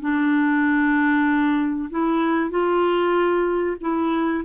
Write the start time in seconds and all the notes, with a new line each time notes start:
0.00 D4
1.90 E4
2.50 F4
3.81 E4